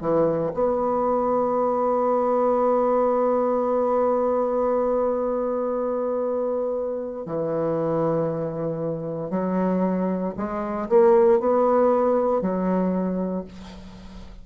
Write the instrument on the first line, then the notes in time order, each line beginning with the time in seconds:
bassoon
0.00 E3
0.54 B3
7.25 E3
9.30 F#3
10.36 G#3
10.89 A#3
11.39 B3
12.41 F#3